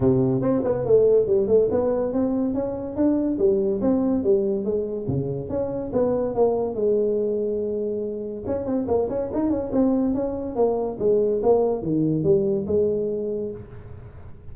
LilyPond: \new Staff \with { instrumentName = "tuba" } { \time 4/4 \tempo 4 = 142 c4 c'8 b8 a4 g8 a8 | b4 c'4 cis'4 d'4 | g4 c'4 g4 gis4 | cis4 cis'4 b4 ais4 |
gis1 | cis'8 c'8 ais8 cis'8 dis'8 cis'8 c'4 | cis'4 ais4 gis4 ais4 | dis4 g4 gis2 | }